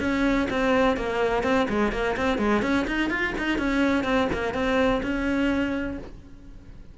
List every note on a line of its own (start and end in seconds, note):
0.00 0.48 C#4
0.50 0.97 C4
0.97 1.43 A#3
1.43 1.67 C4
1.69 1.92 G#3
1.92 2.16 A#3
2.17 2.38 C4
2.38 2.62 G#3
2.62 2.86 C#4
2.87 3.10 D#4
3.10 3.34 F4
3.38 3.58 D#4
3.58 4.04 C#4
4.04 4.28 C4
4.33 4.54 A#3
4.54 5.02 C4
5.03 5.98 C#4